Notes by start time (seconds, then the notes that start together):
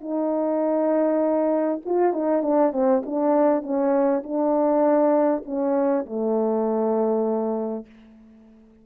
0.00 D#4
1.85 F4
2.13 D#4
2.42 D4
2.72 C4
3.05 D4
3.62 C#4
4.23 D4
5.45 C#4
6.05 A3